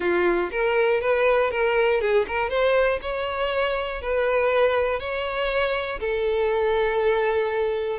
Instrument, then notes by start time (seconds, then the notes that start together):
violin
0.00 F4
0.51 A#4
1.00 B4
1.50 A#4
2.00 G#4
2.27 A#4
2.49 C5
3.01 C#5
4.01 B4
4.99 C#5
6.00 A4